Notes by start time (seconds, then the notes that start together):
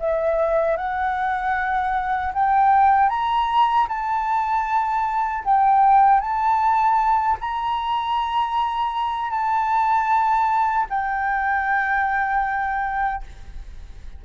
0.00 E5
0.78 F#5
2.34 G5
3.10 A#5
3.89 A5
5.45 G5
6.21 A5
7.41 A#5
9.31 A5
10.90 G5